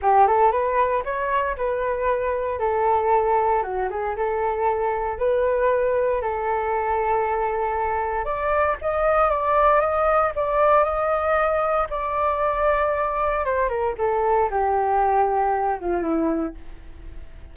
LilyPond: \new Staff \with { instrumentName = "flute" } { \time 4/4 \tempo 4 = 116 g'8 a'8 b'4 cis''4 b'4~ | b'4 a'2 fis'8 gis'8 | a'2 b'2 | a'1 |
d''4 dis''4 d''4 dis''4 | d''4 dis''2 d''4~ | d''2 c''8 ais'8 a'4 | g'2~ g'8 f'8 e'4 | }